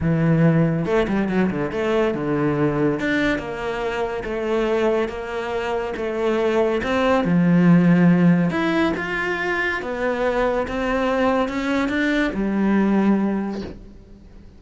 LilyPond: \new Staff \with { instrumentName = "cello" } { \time 4/4 \tempo 4 = 141 e2 a8 g8 fis8 d8 | a4 d2 d'4 | ais2 a2 | ais2 a2 |
c'4 f2. | e'4 f'2 b4~ | b4 c'2 cis'4 | d'4 g2. | }